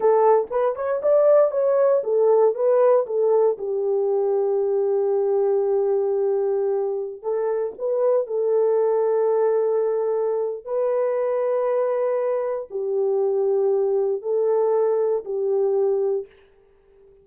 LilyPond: \new Staff \with { instrumentName = "horn" } { \time 4/4 \tempo 4 = 118 a'4 b'8 cis''8 d''4 cis''4 | a'4 b'4 a'4 g'4~ | g'1~ | g'2~ g'16 a'4 b'8.~ |
b'16 a'2.~ a'8.~ | a'4 b'2.~ | b'4 g'2. | a'2 g'2 | }